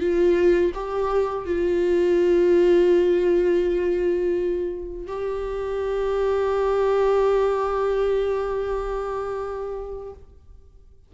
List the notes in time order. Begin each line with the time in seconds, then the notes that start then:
0.00 F4
0.75 G4
1.46 F4
5.07 G4